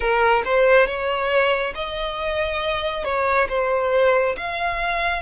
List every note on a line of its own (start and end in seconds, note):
0.00 0.42 A#4
0.44 0.87 C5
0.87 1.74 C#5
1.74 3.04 D#5
3.04 3.47 C#5
3.49 4.36 C5
4.37 5.22 F5